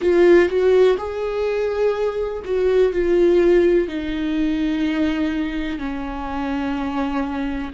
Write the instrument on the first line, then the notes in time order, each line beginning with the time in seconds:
viola
0.00 F4
0.48 F#4
0.97 G#4
2.45 F#4
2.92 F4
3.88 D#4
5.78 C#4